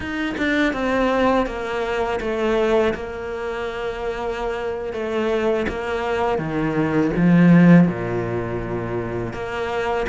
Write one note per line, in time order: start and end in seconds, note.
0.00 0.35 D#4
0.37 0.73 D4
0.73 1.46 C4
1.46 2.19 A#3
2.20 2.93 A3
2.93 4.93 A#3
4.93 5.66 A3
5.68 6.38 A#3
6.38 7.11 D#3
7.16 7.87 F3
7.87 9.33 A#2
9.33 10.06 A#3